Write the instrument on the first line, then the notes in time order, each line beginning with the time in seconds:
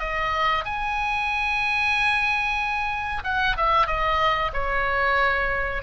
oboe
0.00 D#5
0.65 G#5
3.24 F#5
3.57 E5
3.87 D#5
4.54 C#5